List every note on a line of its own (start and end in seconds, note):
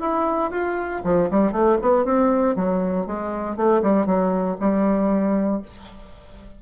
0.00 0.51 E4
0.51 1.01 F4
1.04 1.29 F3
1.30 1.52 G3
1.52 1.77 A3
1.81 2.05 B3
2.05 2.55 C4
2.55 3.06 F#3
3.06 3.56 G#3
3.56 3.82 A3
3.82 4.06 G3
4.06 4.57 F#3
4.60 5.62 G3